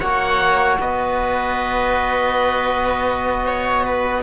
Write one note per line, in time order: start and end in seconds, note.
0.00 0.78 A#3
0.00 4.23 F#4
0.00 0.77 C#5
0.00 0.77 F#5
0.79 4.23 B3
0.79 3.46 B4
0.79 4.23 D#5
3.46 3.84 C#5
3.84 4.23 B4